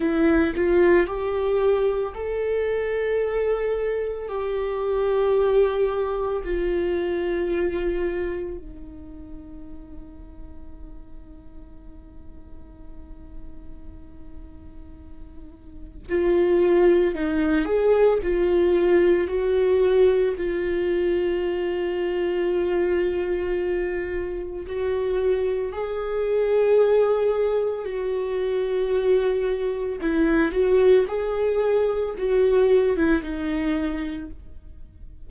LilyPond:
\new Staff \with { instrumentName = "viola" } { \time 4/4 \tempo 4 = 56 e'8 f'8 g'4 a'2 | g'2 f'2 | dis'1~ | dis'2. f'4 |
dis'8 gis'8 f'4 fis'4 f'4~ | f'2. fis'4 | gis'2 fis'2 | e'8 fis'8 gis'4 fis'8. e'16 dis'4 | }